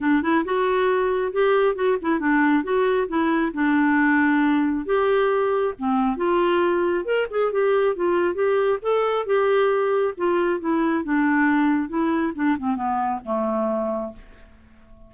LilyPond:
\new Staff \with { instrumentName = "clarinet" } { \time 4/4 \tempo 4 = 136 d'8 e'8 fis'2 g'4 | fis'8 e'8 d'4 fis'4 e'4 | d'2. g'4~ | g'4 c'4 f'2 |
ais'8 gis'8 g'4 f'4 g'4 | a'4 g'2 f'4 | e'4 d'2 e'4 | d'8 c'8 b4 a2 | }